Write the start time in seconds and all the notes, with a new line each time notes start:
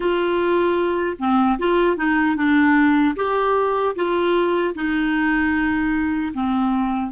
0.00 F4
1.18 C4
1.58 F4
1.96 D#4
2.36 D4
3.16 G4
3.95 F4
4.74 D#4
6.34 C4